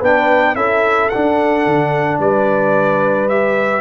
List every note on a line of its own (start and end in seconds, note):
0.00 0.55 B3
0.00 0.55 D4
0.00 0.55 B4
0.00 0.55 G5
0.55 1.09 C#4
0.55 1.10 E4
0.55 2.20 A4
0.55 1.09 E5
1.09 3.29 D4
1.09 2.18 F#5
1.15 1.66 D4
1.66 2.19 D3
2.19 3.81 G3
2.19 3.81 B4
2.19 3.28 D5
3.28 3.81 G4
3.28 3.81 E5